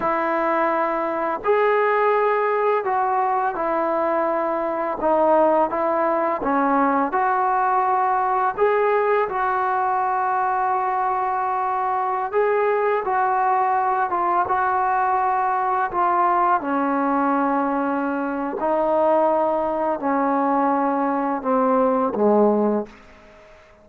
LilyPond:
\new Staff \with { instrumentName = "trombone" } { \time 4/4 \tempo 4 = 84 e'2 gis'2 | fis'4 e'2 dis'4 | e'4 cis'4 fis'2 | gis'4 fis'2.~ |
fis'4~ fis'16 gis'4 fis'4. f'16~ | f'16 fis'2 f'4 cis'8.~ | cis'2 dis'2 | cis'2 c'4 gis4 | }